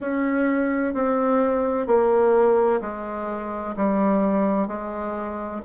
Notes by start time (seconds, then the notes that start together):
0.00 C#4
0.94 C4
1.87 A#3
2.81 G#3
3.76 G3
4.67 G#3